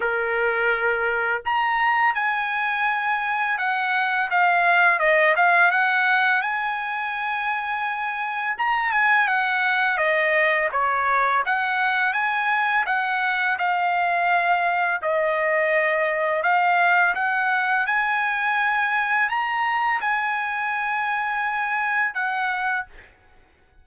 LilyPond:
\new Staff \with { instrumentName = "trumpet" } { \time 4/4 \tempo 4 = 84 ais'2 ais''4 gis''4~ | gis''4 fis''4 f''4 dis''8 f''8 | fis''4 gis''2. | ais''8 gis''8 fis''4 dis''4 cis''4 |
fis''4 gis''4 fis''4 f''4~ | f''4 dis''2 f''4 | fis''4 gis''2 ais''4 | gis''2. fis''4 | }